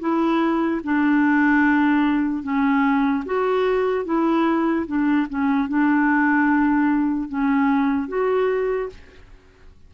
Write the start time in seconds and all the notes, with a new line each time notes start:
0.00 E4
0.84 D4
2.43 C#4
3.25 F#4
4.05 E4
4.87 D4
5.30 C#4
5.69 D4
7.29 C#4
8.09 F#4